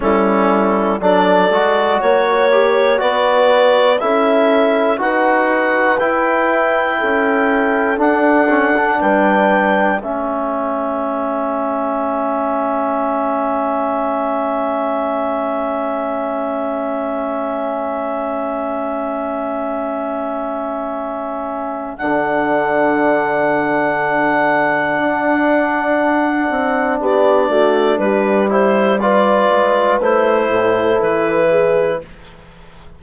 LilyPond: <<
  \new Staff \with { instrumentName = "clarinet" } { \time 4/4 \tempo 4 = 60 a'4 d''4 cis''4 d''4 | e''4 fis''4 g''2 | fis''4 g''4 e''2~ | e''1~ |
e''1~ | e''2 fis''2~ | fis''2. d''4 | b'8 c''8 d''4 c''4 b'4 | }
  \new Staff \with { instrumentName = "horn" } { \time 4/4 e'4 a'4 cis''4 b'4 | a'4 b'2 a'4~ | a'4 b'4 a'2~ | a'1~ |
a'1~ | a'1~ | a'2. g'8 fis'8 | g'4 b'4. a'4 gis'8 | }
  \new Staff \with { instrumentName = "trombone" } { \time 4/4 cis'4 d'8 fis'4 g'8 fis'4 | e'4 fis'4 e'2 | d'8 cis'16 d'4~ d'16 cis'2~ | cis'1~ |
cis'1~ | cis'2 d'2~ | d'1~ | d'8 e'8 f'4 e'2 | }
  \new Staff \with { instrumentName = "bassoon" } { \time 4/4 g4 fis8 gis8 ais4 b4 | cis'4 dis'4 e'4 cis'4 | d'4 g4 a2~ | a1~ |
a1~ | a2 d2~ | d4 d'4. c'8 b8 a8 | g4. gis8 a8 a,8 e4 | }
>>